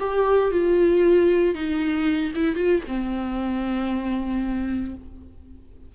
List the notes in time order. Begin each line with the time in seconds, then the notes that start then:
0.00 G4
0.51 F4
1.55 D#4
2.35 E4
2.56 F4
2.88 C4